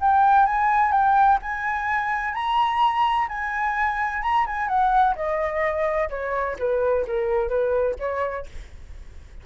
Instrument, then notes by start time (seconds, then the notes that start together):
flute
0.00 G5
0.46 G#5
0.91 G5
1.42 G#5
2.34 A#5
3.28 G#5
4.22 A#5
4.46 G#5
4.67 F#5
5.15 D#5
6.09 C#5
6.58 B4
7.07 A#4
7.48 B4
7.99 C#5